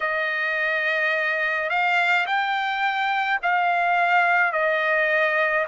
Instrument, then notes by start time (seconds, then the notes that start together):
trumpet
0.00 D#5
1.69 F5
2.26 G5
3.42 F5
4.52 D#5